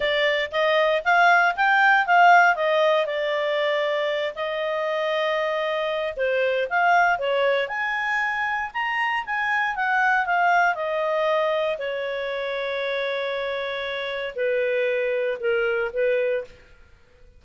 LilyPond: \new Staff \with { instrumentName = "clarinet" } { \time 4/4 \tempo 4 = 117 d''4 dis''4 f''4 g''4 | f''4 dis''4 d''2~ | d''8 dis''2.~ dis''8 | c''4 f''4 cis''4 gis''4~ |
gis''4 ais''4 gis''4 fis''4 | f''4 dis''2 cis''4~ | cis''1 | b'2 ais'4 b'4 | }